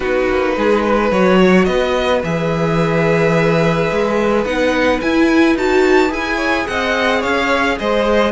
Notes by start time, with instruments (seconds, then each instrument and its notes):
0.00 cello B3, viola D#4, violin F#4 B4
0.29 cello A#3
0.56 cello G#3, violin G#4
0.83 violin B4
1.11 cello F#3, viola F#4, violin C#5
1.39 violin C#5
1.65 cello B3, violin B4 D#5
2.23 cello E3, viola G#4, violin E5
3.91 cello G#3
4.44 cello B3, viola D#4, violin F#5
5.01 viola E4, cello E4, violin G#5
5.55 cello D#4, viola F#4, violin A5
6.08 cello E4, viola G#4, violin G#5
6.36 violin C#5
6.67 cello C4, violin D#5 F#5
7.20 cello C#4, violin C#5 F5
7.78 cello G#3, violin C5 D#5